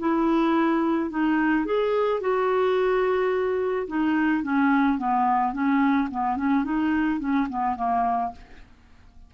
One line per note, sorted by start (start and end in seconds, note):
0.00 1.11 E4
1.11 1.66 D#4
1.66 2.21 G#4
2.21 3.88 F#4
3.88 4.43 D#4
4.43 4.99 C#4
4.99 5.54 B3
5.54 6.09 C#4
6.11 6.37 B3
6.37 6.65 C#4
6.65 7.20 D#4
7.20 7.48 C#4
7.50 7.77 B3
7.77 8.32 A#3